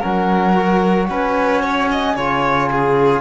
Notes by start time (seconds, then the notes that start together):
0.00 F#3 C#4 A#4 F#5
0.55 F#4
1.10 C#4 B4 G#5
1.62 C#5
1.91 D#5
2.15 C#3 F4 C#5
2.71 G#4